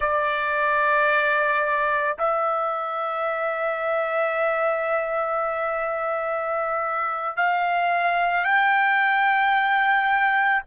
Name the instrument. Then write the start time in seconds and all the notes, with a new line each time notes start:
trumpet
0.00 D5
2.18 E5
7.36 F5
8.44 G5